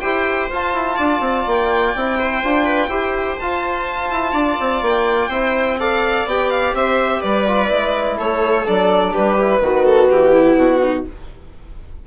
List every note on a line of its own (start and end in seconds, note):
0.00 0.50 E4
0.00 0.50 G4
0.00 0.96 C5
0.00 0.48 G5
0.50 0.73 F4
0.50 1.97 F4
0.50 1.49 A5
0.73 0.97 E4
0.96 1.20 D4
0.96 2.16 D5
1.20 1.44 C4
1.47 1.95 A#3
1.47 3.39 G5
1.95 2.43 C4
1.95 2.44 E4
2.19 2.65 C5
2.43 2.88 D4
2.43 2.90 F4
2.65 2.89 B4
2.88 3.36 E4
2.88 3.38 G4
2.88 4.33 C5
3.39 5.31 F4
3.39 4.10 F4
3.39 4.83 A5
4.10 4.33 E4
4.33 4.57 D4
4.33 5.29 D5
4.60 4.82 C4
4.82 5.28 A#3
4.82 5.80 G5
5.28 6.24 C4
5.28 5.79 E4
5.28 5.77 C5
5.79 6.27 A4
5.79 6.76 D5
5.79 6.28 F5
6.26 6.73 B3
6.26 7.47 G4
6.26 6.50 G5
6.50 6.74 F5
6.73 7.21 C4
6.73 7.21 C5
6.73 7.22 E5
7.21 7.71 G3
7.21 8.17 B4
7.21 8.18 D5
7.47 7.68 F4
7.68 8.19 G#3
7.68 8.64 E4
8.17 8.67 A3
8.17 9.12 A4
8.17 8.67 C#5
8.65 9.16 F#3
8.65 9.38 D4
8.65 9.14 D5
9.12 9.60 G3
9.12 9.60 G4
9.12 9.85 B4
9.38 9.61 E4
9.60 10.08 D#3
9.60 11.05 B3
9.60 10.32 F#4
9.85 10.09 A4
10.10 10.56 E3
10.10 10.58 G4
10.32 10.80 E4
10.56 11.04 B2
10.56 11.06 F#4
10.83 11.07 D#4